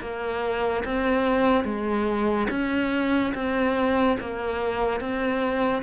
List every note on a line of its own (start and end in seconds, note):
0.00 0.83 A#3
0.84 1.64 C4
1.64 2.47 G#3
2.50 3.33 C#4
3.34 4.17 C4
4.19 5.00 A#3
5.00 5.82 C4